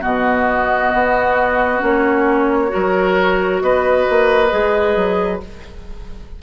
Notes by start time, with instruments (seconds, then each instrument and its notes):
0.00 bassoon B2, clarinet B3, oboe F#4, flute D#5
0.93 bassoon B3
1.79 bassoon A#3, clarinet C#4, flute C#5
2.68 clarinet F#4, oboe A#4
2.75 bassoon F#3
3.61 bassoon B3, oboe B4, flute D#5
4.09 bassoon A#3
4.50 bassoon G#3, clarinet G#4
4.95 bassoon F#3